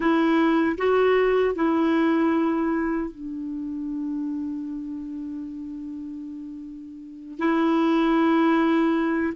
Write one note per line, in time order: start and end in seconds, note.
0.00 0.76 E4
0.77 1.55 F#4
1.55 3.11 E4
3.11 7.38 D4
7.38 9.33 E4